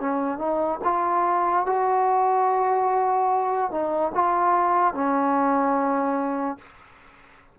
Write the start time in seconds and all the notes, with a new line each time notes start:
0.00 C#4
0.38 D#4
0.84 F4
1.66 F#4
3.71 D#4
4.14 F4
4.94 C#4